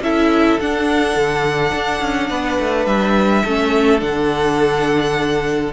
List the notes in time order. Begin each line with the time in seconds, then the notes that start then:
0.00 C#4 E4 A4 E5
0.60 D4 F#5
1.16 D3
1.73 D4
2.01 C#4
2.29 B3 B4
2.59 A3
2.85 G3 E5
3.43 A3 C#4 A4
3.98 D3 D4 F#5